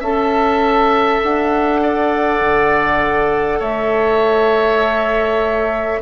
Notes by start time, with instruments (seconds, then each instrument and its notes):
0.00 bassoon C#4, clarinet A4, oboe E5, flute A5
1.23 bassoon D4, flute F#5
1.83 oboe D5
2.41 bassoon D3
3.59 bassoon A3, oboe C#5, flute E5